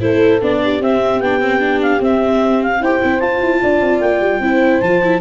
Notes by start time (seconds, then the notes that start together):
0.00 A3 E4 A4 C5
0.41 B3 D4 D5
0.63 G4
0.80 C4 E5
1.20 B3 D4 G5
1.40 C4
1.59 D4
1.81 F5
2.00 C4 E5
2.62 F5
2.80 E4 G4 C5 G5
3.01 C4 E4
3.19 F4 A5
3.41 E4
3.61 D4 D5
3.80 C4
4.00 A#3 G5
4.20 G3
4.40 C4 E4 C5
4.80 F3 F4 A5
5.03 E4